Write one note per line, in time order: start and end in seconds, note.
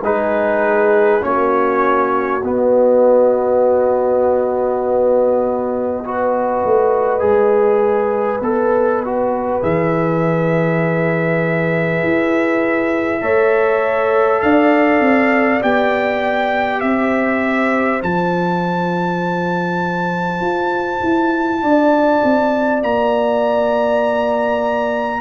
0.00 1.20 G#3
0.00 1.21 D#4
0.00 1.24 G#4
0.00 1.23 B4
1.21 2.42 A#3
1.21 2.41 C#4
1.21 6.04 F#4
1.21 2.43 C#5
2.43 6.63 B3
2.43 6.04 B3
2.43 9.62 D#5
6.04 7.19 F#4
6.04 13.21 B4
6.64 7.22 A3
7.19 8.40 G#3
7.19 8.39 G#4
8.40 9.60 B3
8.40 9.03 A4
9.04 9.61 F#4
9.61 12.02 E3
9.61 13.21 G#4
9.61 14.41 E5
12.03 13.21 E4
13.21 14.42 A3
13.21 15.61 A4
13.21 14.42 C#5
14.41 15.00 D4
14.41 16.81 D5
14.41 15.61 F5
15.00 15.60 C4
15.62 16.82 B3
15.62 18.00 G4
15.62 16.80 G5
16.80 18.02 C4
16.80 21.61 C5
16.80 18.00 E5
18.00 20.40 F3
18.00 25.21 F4
18.00 22.82 A5
20.40 21.00 F4
21.02 21.62 E4
21.62 22.22 D4
21.62 25.21 D5
22.23 22.82 C4
22.82 25.21 A#3
22.82 25.21 A#5